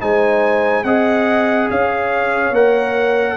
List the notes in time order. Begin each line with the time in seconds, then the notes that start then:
0.00 G#3 D#4 C5 G#5
0.84 C4 G#4 D#5 F#5
1.70 C#4 C#5 F5
2.51 A#3 A#4 F#5